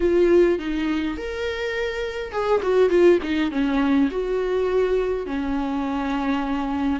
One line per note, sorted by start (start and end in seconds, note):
0.00 0.58 F4
0.59 1.17 D#4
1.17 2.32 A#4
2.32 2.61 G#4
2.62 2.89 F#4
2.89 3.18 F4
3.22 3.51 D#4
3.51 4.09 C#4
4.11 5.26 F#4
5.26 7.00 C#4